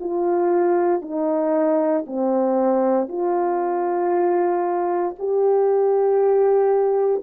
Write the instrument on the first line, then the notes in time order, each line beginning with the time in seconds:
horn
0.00 F4
1.02 D#4
2.07 C4
3.08 F4
5.19 G4